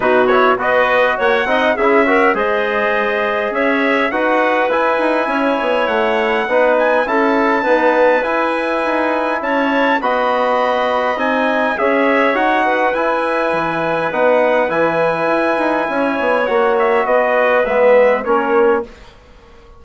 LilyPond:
<<
  \new Staff \with { instrumentName = "trumpet" } { \time 4/4 \tempo 4 = 102 b'8 cis''8 dis''4 fis''4 e''4 | dis''2 e''4 fis''4 | gis''2 fis''4. gis''8 | a''2 gis''2 |
a''4 b''2 gis''4 | e''4 fis''4 gis''2 | fis''4 gis''2. | fis''8 e''8 dis''4 e''4 cis''4 | }
  \new Staff \with { instrumentName = "clarinet" } { \time 4/4 fis'4 b'4 cis''8 dis''8 gis'8 ais'8 | c''2 cis''4 b'4~ | b'4 cis''2 b'4 | a'4 b'2. |
cis''4 dis''2. | cis''4. b'2~ b'8~ | b'2. cis''4~ | cis''4 b'2 ais'4 | }
  \new Staff \with { instrumentName = "trombone" } { \time 4/4 dis'8 e'8 fis'4. dis'8 e'8 fis'8 | gis'2. fis'4 | e'2. dis'4 | e'4 b4 e'2~ |
e'4 fis'2 dis'4 | gis'4 fis'4 e'2 | dis'4 e'2. | fis'2 b4 cis'4 | }
  \new Staff \with { instrumentName = "bassoon" } { \time 4/4 b,4 b4 ais8 c'8 cis'4 | gis2 cis'4 dis'4 | e'8 dis'8 cis'8 b8 a4 b4 | cis'4 dis'4 e'4 dis'4 |
cis'4 b2 c'4 | cis'4 dis'4 e'4 e4 | b4 e4 e'8 dis'8 cis'8 b8 | ais4 b4 gis4 ais4 | }
>>